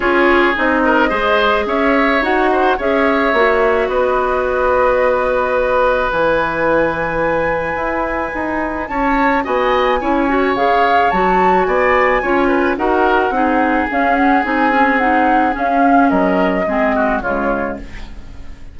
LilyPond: <<
  \new Staff \with { instrumentName = "flute" } { \time 4/4 \tempo 4 = 108 cis''4 dis''2 e''4 | fis''4 e''2 dis''4~ | dis''2. gis''4~ | gis''1 |
a''4 gis''2 f''4 | a''4 gis''2 fis''4~ | fis''4 f''8 fis''8 gis''4 fis''4 | f''4 dis''2 cis''4 | }
  \new Staff \with { instrumentName = "oboe" } { \time 4/4 gis'4. ais'8 c''4 cis''4~ | cis''8 c''8 cis''2 b'4~ | b'1~ | b'1 |
cis''4 dis''4 cis''2~ | cis''4 d''4 cis''8 b'8 ais'4 | gis'1~ | gis'4 ais'4 gis'8 fis'8 f'4 | }
  \new Staff \with { instrumentName = "clarinet" } { \time 4/4 f'4 dis'4 gis'2 | fis'4 gis'4 fis'2~ | fis'2. e'4~ | e'1~ |
e'4 fis'4 e'8 fis'8 gis'4 | fis'2 f'4 fis'4 | dis'4 cis'4 dis'8 cis'8 dis'4 | cis'2 c'4 gis4 | }
  \new Staff \with { instrumentName = "bassoon" } { \time 4/4 cis'4 c'4 gis4 cis'4 | dis'4 cis'4 ais4 b4~ | b2. e4~ | e2 e'4 dis'4 |
cis'4 b4 cis'4 cis4 | fis4 b4 cis'4 dis'4 | c'4 cis'4 c'2 | cis'4 fis4 gis4 cis4 | }
>>